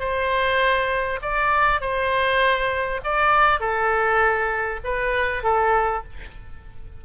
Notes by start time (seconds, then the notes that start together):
0.00 C5
1.22 D5
1.81 C5
3.04 D5
3.60 A4
4.84 B4
5.44 A4